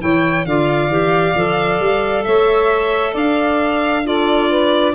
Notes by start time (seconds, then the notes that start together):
0.00 E3 E4 C#5 G5
0.45 D3 F4 D5 F5
0.88 E3 G4
1.35 F3 A4
1.80 G3
2.24 A3 C#5 E5
3.12 D4 D5 F5
4.05 F4 A4 D5
4.49 B4